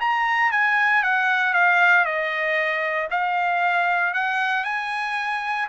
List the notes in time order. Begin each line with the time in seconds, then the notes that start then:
0.00 A#5
0.51 G#5
1.03 F#5
1.53 F5
2.05 D#5
3.10 F5
4.14 F#5
4.64 G#5